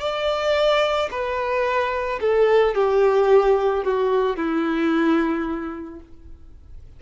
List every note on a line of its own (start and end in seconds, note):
0.00 1.09 D5
1.11 2.20 B4
2.21 2.75 A4
2.75 3.84 G4
3.84 4.37 F#4
4.37 6.00 E4